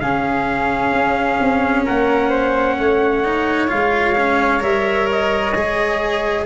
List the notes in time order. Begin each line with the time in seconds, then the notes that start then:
0.00 C#3 C#4 G#4 F5
0.92 C#4
1.40 C4
1.85 A#3 A#4 F#5
2.29 C5
2.78 A3 C#5
3.24 D#4
3.67 G#3 F4 F5
4.18 C#4
4.60 G3 A#4 E5
5.12 D#5
5.55 G#3 G#4